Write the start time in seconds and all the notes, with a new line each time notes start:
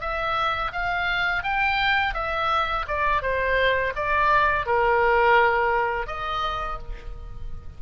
0.00 E5
0.72 F5
1.43 G5
2.14 E5
2.87 D5
3.22 C5
3.95 D5
4.66 A#4
6.06 D#5